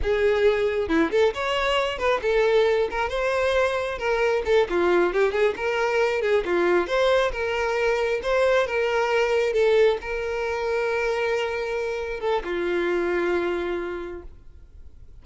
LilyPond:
\new Staff \with { instrumentName = "violin" } { \time 4/4 \tempo 4 = 135 gis'2 e'8 a'8 cis''4~ | cis''8 b'8 a'4. ais'8 c''4~ | c''4 ais'4 a'8 f'4 g'8 | gis'8 ais'4. gis'8 f'4 c''8~ |
c''8 ais'2 c''4 ais'8~ | ais'4. a'4 ais'4.~ | ais'2.~ ais'8 a'8 | f'1 | }